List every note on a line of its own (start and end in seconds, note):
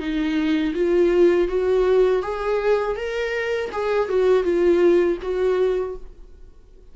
0.00 0.74 D#4
0.75 1.49 F4
1.49 2.23 F#4
2.23 2.96 G#4
2.96 3.70 A#4
3.72 4.09 G#4
4.09 4.44 F#4
4.44 5.18 F4
5.23 5.97 F#4